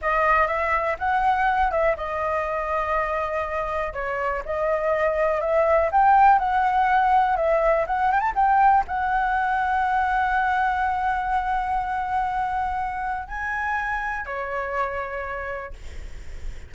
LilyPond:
\new Staff \with { instrumentName = "flute" } { \time 4/4 \tempo 4 = 122 dis''4 e''4 fis''4. e''8 | dis''1 | cis''4 dis''2 e''4 | g''4 fis''2 e''4 |
fis''8 g''16 a''16 g''4 fis''2~ | fis''1~ | fis''2. gis''4~ | gis''4 cis''2. | }